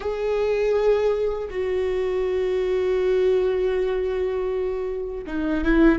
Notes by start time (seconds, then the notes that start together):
0.00 G#4
1.50 F#4
5.26 D#4
5.64 E4